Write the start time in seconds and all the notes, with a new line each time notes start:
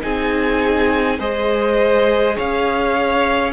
0.00 C4 D#4 G#4 G#5
1.18 G#3 G#4 C5 D#5
2.36 C#4 C#5 F5